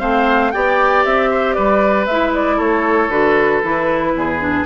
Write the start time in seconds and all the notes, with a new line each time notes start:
0.00 A3 C4 C5 F5
0.52 B3 G4 D5 G5
1.04 C4 E5
1.30 C5
1.53 G3 B4 D5
2.06 G#3 E4 E5
2.34 D5
2.56 A3 A4 C#5
3.09 D3 F#4 B4
3.63 E3 E4
4.14 E2 G#4
4.40 D4